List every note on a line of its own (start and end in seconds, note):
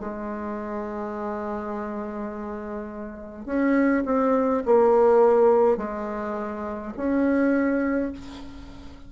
0.00 3.46 G#3
3.46 4.03 C#4
4.05 4.63 C4
4.66 5.77 A#3
5.77 6.93 G#3
6.97 8.12 C#4